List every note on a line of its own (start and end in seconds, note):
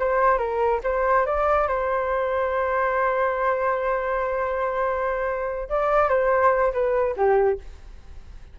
0.00 0.39 C5
0.39 0.81 A#4
0.84 1.26 C5
1.26 1.68 D5
1.68 5.69 C5
5.70 6.09 D5
6.09 6.73 C5
6.73 7.16 B4
7.17 7.59 G4